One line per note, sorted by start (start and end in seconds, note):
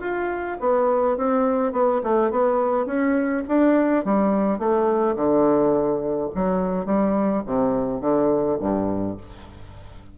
0.00 0.57 F4
0.60 1.17 B3
1.17 1.72 C4
1.72 2.01 B3
2.03 2.31 A3
2.31 2.86 B3
2.86 3.43 C#4
3.48 4.04 D4
4.04 4.58 G3
4.58 5.15 A3
5.16 6.30 D3
6.35 6.85 F#3
6.85 7.42 G3
7.45 8.01 C3
8.01 8.58 D3
8.59 9.17 G2